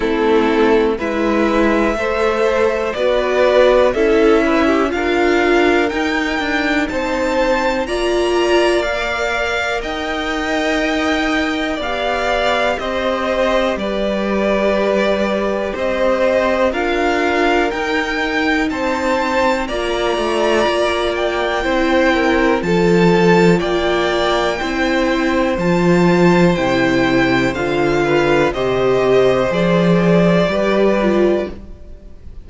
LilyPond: <<
  \new Staff \with { instrumentName = "violin" } { \time 4/4 \tempo 4 = 61 a'4 e''2 d''4 | e''4 f''4 g''4 a''4 | ais''4 f''4 g''2 | f''4 dis''4 d''2 |
dis''4 f''4 g''4 a''4 | ais''4. g''4. a''4 | g''2 a''4 g''4 | f''4 dis''4 d''2 | }
  \new Staff \with { instrumentName = "violin" } { \time 4/4 e'4 b'4 c''4 b'4 | a'8 b'16 g'16 ais'2 c''4 | d''2 dis''2 | d''4 c''4 b'2 |
c''4 ais'2 c''4 | d''2 c''8 ais'8 a'4 | d''4 c''2.~ | c''8 b'8 c''2 b'4 | }
  \new Staff \with { instrumentName = "viola" } { \time 4/4 c'4 e'4 a'4 fis'4 | e'4 f'4 dis'2 | f'4 ais'2. | g'1~ |
g'4 f'4 dis'2 | f'2 e'4 f'4~ | f'4 e'4 f'4 e'4 | f'4 g'4 gis'4 g'8 f'8 | }
  \new Staff \with { instrumentName = "cello" } { \time 4/4 a4 gis4 a4 b4 | cis'4 d'4 dis'8 d'8 c'4 | ais2 dis'2 | b4 c'4 g2 |
c'4 d'4 dis'4 c'4 | ais8 a8 ais4 c'4 f4 | ais4 c'4 f4 c4 | d4 c4 f4 g4 | }
>>